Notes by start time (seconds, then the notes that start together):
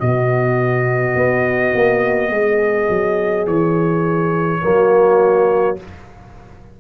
0.00 B2 B3 F#4 D#5
1.15 B3
1.75 A#3
2.30 G#3 G#4
2.89 F#3
3.47 E3 C#5
4.62 F#3 A#3 F#4